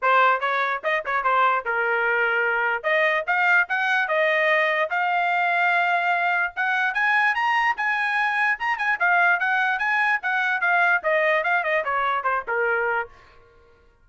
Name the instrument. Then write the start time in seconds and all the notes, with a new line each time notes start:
trumpet
0.01 C5
0.40 C#5
0.83 D#5
1.05 C#5
1.23 C5
1.65 A#4
2.83 D#5
3.27 F5
3.68 F#5
4.08 D#5
4.90 F5
6.55 F#5
6.94 G#5
7.35 A#5
7.76 G#5
8.59 A#5
8.78 G#5
8.99 F5
9.39 F#5
9.78 G#5
10.22 F#5
10.60 F5
11.03 D#5
11.43 F5
11.63 D#5
11.84 C#5
12.23 C5
12.47 A#4